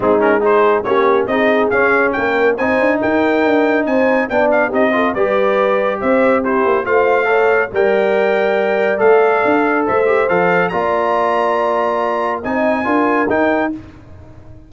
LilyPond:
<<
  \new Staff \with { instrumentName = "trumpet" } { \time 4/4 \tempo 4 = 140 gis'8 ais'8 c''4 cis''4 dis''4 | f''4 g''4 gis''4 g''4~ | g''4 gis''4 g''8 f''8 dis''4 | d''2 e''4 c''4 |
f''2 g''2~ | g''4 f''2 e''4 | f''4 ais''2.~ | ais''4 gis''2 g''4 | }
  \new Staff \with { instrumentName = "horn" } { \time 4/4 dis'4 gis'4 g'4 gis'4~ | gis'4 ais'4 c''4 ais'4~ | ais'4 c''4 d''4 g'8 a'8 | b'2 c''4 g'4 |
c''4 cis''4 d''2~ | d''2. c''4~ | c''4 d''2.~ | d''4 dis''4 ais'2 | }
  \new Staff \with { instrumentName = "trombone" } { \time 4/4 c'8 cis'8 dis'4 cis'4 dis'4 | cis'2 dis'2~ | dis'2 d'4 dis'8 f'8 | g'2. e'4 |
f'4 a'4 ais'2~ | ais'4 a'2~ a'8 g'8 | a'4 f'2.~ | f'4 dis'4 f'4 dis'4 | }
  \new Staff \with { instrumentName = "tuba" } { \time 4/4 gis2 ais4 c'4 | cis'4 ais4 c'8 d'8 dis'4 | d'4 c'4 b4 c'4 | g2 c'4. ais8 |
a2 g2~ | g4 a4 d'4 a4 | f4 ais2.~ | ais4 c'4 d'4 dis'4 | }
>>